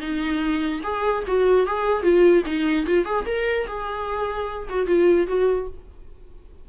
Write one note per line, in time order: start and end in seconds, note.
0.00 0.81 D#4
0.83 1.23 G#4
1.27 1.66 F#4
1.66 2.03 G#4
2.03 2.43 F4
2.45 2.86 D#4
2.86 3.05 F4
3.05 3.25 G#4
3.26 3.67 A#4
3.67 4.68 G#4
4.69 4.86 F#4
4.86 5.27 F4
5.27 5.68 F#4